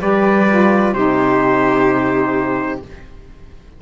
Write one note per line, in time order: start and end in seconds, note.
0.00 0.93 G3
0.00 0.47 G4
0.00 0.94 B4
0.00 0.94 D5
0.50 0.95 F4
0.93 2.81 C3
0.93 2.83 D#4
0.93 2.82 G4
0.93 2.82 C5